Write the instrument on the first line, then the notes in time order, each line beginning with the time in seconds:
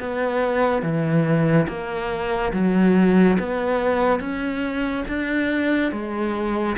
cello
0.00 B3
0.83 E3
1.69 A#3
2.54 F#3
3.40 B3
4.20 C#4
5.09 D4
5.93 G#3